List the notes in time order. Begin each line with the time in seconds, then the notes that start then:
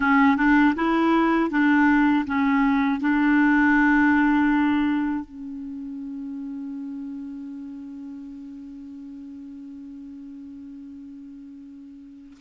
0.00 C#4
0.36 D4
0.75 E4
1.50 D4
2.26 C#4
3.00 D4
5.25 C#4